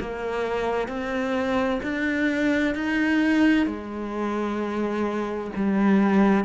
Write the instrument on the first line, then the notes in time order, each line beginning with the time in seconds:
cello
0.00 A#3
0.88 C4
1.83 D4
2.74 D#4
3.66 G#3
5.56 G3